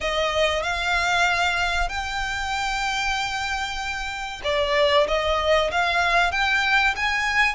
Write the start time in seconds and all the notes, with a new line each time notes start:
0.00 D#5
0.62 F5
1.88 G5
4.44 D5
5.07 D#5
5.71 F5
6.31 G5
6.96 G#5